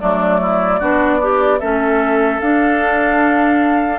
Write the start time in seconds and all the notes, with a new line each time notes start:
0.00 F#3 A3 D4 D5
0.42 E4
0.80 B3 D4 F#4
1.19 D4 G4
1.60 A3 C#4 A4 E5
2.40 D4 F5